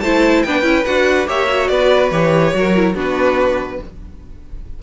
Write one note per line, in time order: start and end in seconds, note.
0.00 0.44 A3
0.00 0.47 E4
0.00 0.45 C5
0.00 0.42 A5
0.42 0.62 B3
0.42 0.62 D4
0.42 1.27 B4
0.42 0.84 G5
0.62 0.83 C#4
0.62 0.83 E4
0.84 1.27 D4
0.84 1.27 F#4
0.84 1.27 F#5
1.27 1.69 A#3
1.27 1.48 G4
1.27 1.70 C#5
1.27 1.68 E5
1.49 2.11 F#4
1.68 2.11 B3
1.68 2.54 B4
1.68 2.10 D5
2.11 2.53 E3
2.11 2.54 G4
2.11 2.96 C#5
2.54 2.94 F#3
2.54 2.75 F#4
2.54 2.95 A#4
2.75 2.94 E4
2.94 3.79 B3
2.94 3.79 D4
2.94 3.79 F#4
2.94 3.82 B4